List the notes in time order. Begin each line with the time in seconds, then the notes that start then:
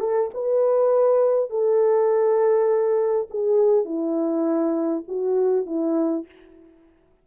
0.00 A4
0.34 B4
1.50 A4
3.30 G#4
3.85 E4
5.08 F#4
5.66 E4